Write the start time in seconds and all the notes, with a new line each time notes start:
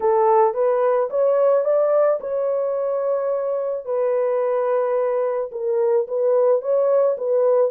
0.00 A4
0.54 B4
1.10 C#5
1.64 D5
2.20 C#5
3.85 B4
5.51 A#4
6.07 B4
6.61 C#5
7.17 B4